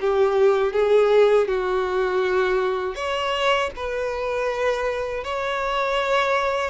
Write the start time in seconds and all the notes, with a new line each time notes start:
0.00 G4
0.73 G#4
1.47 F#4
2.95 C#5
3.75 B4
5.23 C#5